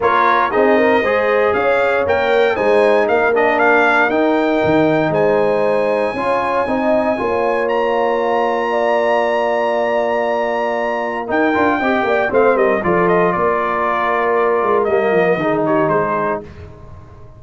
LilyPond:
<<
  \new Staff \with { instrumentName = "trumpet" } { \time 4/4 \tempo 4 = 117 cis''4 dis''2 f''4 | g''4 gis''4 f''8 dis''8 f''4 | g''2 gis''2~ | gis''2. ais''4~ |
ais''1~ | ais''2 g''2 | f''8 dis''8 d''8 dis''8 d''2~ | d''4 dis''4. cis''8 c''4 | }
  \new Staff \with { instrumentName = "horn" } { \time 4/4 ais'4 gis'8 ais'8 c''4 cis''4~ | cis''4 c''4 ais'2~ | ais'2 c''2 | cis''4 dis''4 cis''2~ |
cis''4 d''2.~ | d''2 ais'4 dis''8 d''8 | c''8 ais'8 a'4 ais'2~ | ais'2 gis'8 g'8 gis'4 | }
  \new Staff \with { instrumentName = "trombone" } { \time 4/4 f'4 dis'4 gis'2 | ais'4 dis'4. d'4. | dis'1 | f'4 dis'4 f'2~ |
f'1~ | f'2 dis'8 f'8 g'4 | c'4 f'2.~ | f'4 ais4 dis'2 | }
  \new Staff \with { instrumentName = "tuba" } { \time 4/4 ais4 c'4 gis4 cis'4 | ais4 gis4 ais2 | dis'4 dis4 gis2 | cis'4 c'4 ais2~ |
ais1~ | ais2 dis'8 d'8 c'8 ais8 | a8 g8 f4 ais2~ | ais8 gis8 g8 f8 dis4 gis4 | }
>>